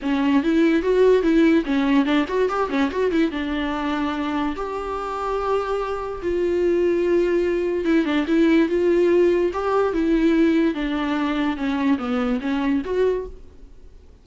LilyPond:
\new Staff \with { instrumentName = "viola" } { \time 4/4 \tempo 4 = 145 cis'4 e'4 fis'4 e'4 | cis'4 d'8 fis'8 g'8 cis'8 fis'8 e'8 | d'2. g'4~ | g'2. f'4~ |
f'2. e'8 d'8 | e'4 f'2 g'4 | e'2 d'2 | cis'4 b4 cis'4 fis'4 | }